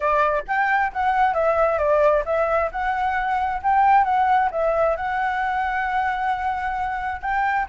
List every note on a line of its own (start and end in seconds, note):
0.00 0.43 D5
0.47 0.92 G5
0.92 1.34 F#5
1.34 1.78 E5
1.78 2.23 D5
2.25 2.70 E5
2.71 3.61 F#5
3.63 4.04 G5
4.04 4.49 F#5
4.51 4.96 E5
4.96 7.21 F#5
7.21 7.66 G5